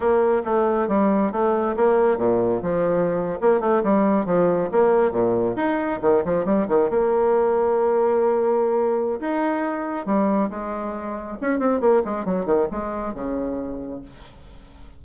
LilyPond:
\new Staff \with { instrumentName = "bassoon" } { \time 4/4 \tempo 4 = 137 ais4 a4 g4 a4 | ais4 ais,4 f4.~ f16 ais16~ | ais16 a8 g4 f4 ais4 ais,16~ | ais,8. dis'4 dis8 f8 g8 dis8 ais16~ |
ais1~ | ais4 dis'2 g4 | gis2 cis'8 c'8 ais8 gis8 | fis8 dis8 gis4 cis2 | }